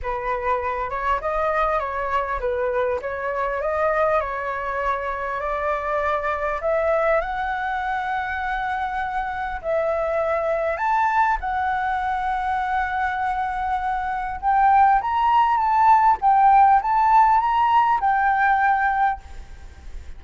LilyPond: \new Staff \with { instrumentName = "flute" } { \time 4/4 \tempo 4 = 100 b'4. cis''8 dis''4 cis''4 | b'4 cis''4 dis''4 cis''4~ | cis''4 d''2 e''4 | fis''1 |
e''2 a''4 fis''4~ | fis''1 | g''4 ais''4 a''4 g''4 | a''4 ais''4 g''2 | }